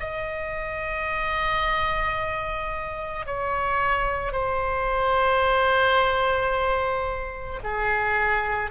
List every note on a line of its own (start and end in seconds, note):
0.00 3.26 D#5
3.26 4.32 C#5
4.32 7.60 C5
7.64 8.71 G#4